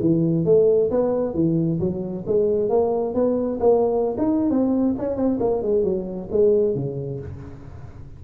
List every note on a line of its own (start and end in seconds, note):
0.00 0.45 E3
0.45 0.90 A3
0.90 1.34 B3
1.34 1.79 E3
1.79 2.25 F#3
2.26 2.69 G#3
2.69 3.14 A#3
3.14 3.59 B3
3.59 4.16 A#3
4.17 4.50 D#4
4.50 4.95 C4
4.98 5.16 C#4
5.16 5.38 C4
5.39 5.62 A#3
5.62 5.84 G#3
5.84 6.29 F#3
6.31 6.74 G#3
6.74 7.20 C#3